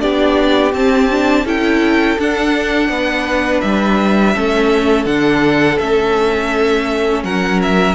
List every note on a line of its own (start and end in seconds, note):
0.00 0.73 B3
0.00 0.72 D4
0.00 1.45 G4
0.00 0.73 D5
0.73 1.45 C4
0.73 1.11 C4
0.73 1.47 A5
1.11 1.46 D4
1.45 2.18 C#4
1.45 2.18 E4
1.45 2.90 A4
1.45 2.20 G5
2.19 2.89 D4
2.19 4.35 D4
2.19 3.61 F#5
2.89 3.62 B3
2.89 4.35 B4
3.61 4.36 G3
3.61 5.06 E5
4.35 5.06 A3
4.35 5.07 C#4
4.35 7.24 A4
5.06 5.78 D3
5.06 5.79 D4
5.06 5.79 F#5
5.79 7.24 A3
5.79 7.95 C#4
5.79 7.23 E5
7.24 7.95 F#3
7.24 7.95 A#4
7.24 7.61 F#5
7.62 7.95 E5